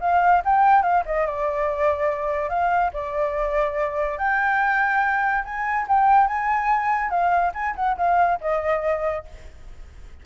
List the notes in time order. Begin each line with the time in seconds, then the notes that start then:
0.00 F5
0.45 G5
0.82 F5
1.05 D#5
1.26 D5
2.49 F5
2.93 D5
4.18 G5
5.44 G#5
5.88 G5
6.27 G#5
7.10 F5
7.54 G#5
7.75 F#5
7.97 F5
8.40 D#5